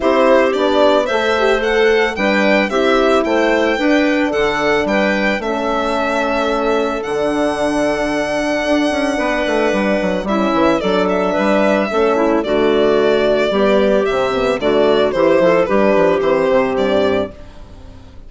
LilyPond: <<
  \new Staff \with { instrumentName = "violin" } { \time 4/4 \tempo 4 = 111 c''4 d''4 e''4 fis''4 | g''4 e''4 g''2 | fis''4 g''4 e''2~ | e''4 fis''2.~ |
fis''2. e''4 | d''8 e''2~ e''8 d''4~ | d''2 e''4 d''4 | c''4 b'4 c''4 d''4 | }
  \new Staff \with { instrumentName = "clarinet" } { \time 4/4 g'2 c''2 | b'4 g'4 c''4 b'4 | a'4 b'4 a'2~ | a'1~ |
a'4 b'2 e'4 | a'4 b'4 a'8 e'8 fis'4~ | fis'4 g'2 fis'4 | g'8 a'8 g'2. | }
  \new Staff \with { instrumentName = "horn" } { \time 4/4 e'4 d'4 a'8 g'8 a'4 | d'4 e'2 d'4~ | d'2 cis'2~ | cis'4 d'2.~ |
d'2. cis'4 | d'2 cis'4 a4~ | a4 b4 c'8 b8 a4 | e'4 d'4 c'2 | }
  \new Staff \with { instrumentName = "bassoon" } { \time 4/4 c'4 b4 a2 | g4 c'4 a4 d'4 | d4 g4 a2~ | a4 d2. |
d'8 cis'8 b8 a8 g8 fis8 g8 e8 | fis4 g4 a4 d4~ | d4 g4 c4 d4 | e8 f8 g8 f8 e8 c8 g,4 | }
>>